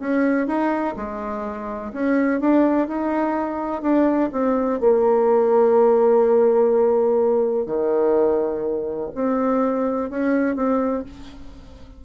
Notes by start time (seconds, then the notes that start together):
0.00 C#4
0.48 D#4
0.97 G#3
1.93 C#4
2.41 D4
2.88 D#4
3.82 D4
4.33 C4
4.81 A#3
7.66 D#3
9.15 C4
10.10 C#4
10.56 C4